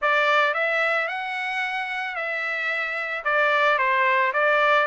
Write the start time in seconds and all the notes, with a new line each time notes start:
0.01 D5
0.54 E5
1.08 F#5
2.15 E5
3.24 D5
3.78 C5
4.33 D5